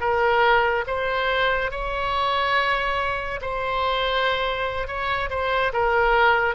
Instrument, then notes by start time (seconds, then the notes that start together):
oboe
0.00 A#4
0.87 C5
1.71 C#5
3.41 C5
4.87 C#5
5.30 C5
5.73 A#4